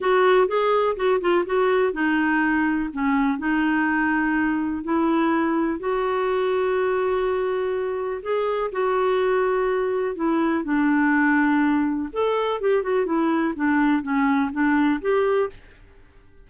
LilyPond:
\new Staff \with { instrumentName = "clarinet" } { \time 4/4 \tempo 4 = 124 fis'4 gis'4 fis'8 f'8 fis'4 | dis'2 cis'4 dis'4~ | dis'2 e'2 | fis'1~ |
fis'4 gis'4 fis'2~ | fis'4 e'4 d'2~ | d'4 a'4 g'8 fis'8 e'4 | d'4 cis'4 d'4 g'4 | }